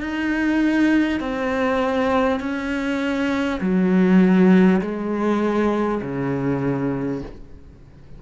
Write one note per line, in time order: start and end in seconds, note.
0.00 1.19 D#4
1.19 2.39 C4
2.40 3.60 C#4
3.61 4.81 F#3
4.81 6.01 G#3
6.02 7.22 C#3